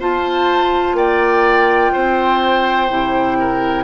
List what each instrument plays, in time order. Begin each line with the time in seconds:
0.00 bassoon F4, clarinet F4, oboe C5, flute A5
0.94 bassoon A#3, oboe D5, flute G5
1.93 bassoon C4, oboe C5
2.90 bassoon C3, clarinet E4
3.40 oboe A#4